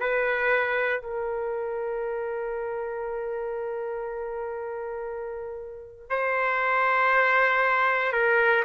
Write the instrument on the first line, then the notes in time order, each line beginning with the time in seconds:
trumpet
0.00 B4
1.02 A#4
6.10 C5
8.13 A#4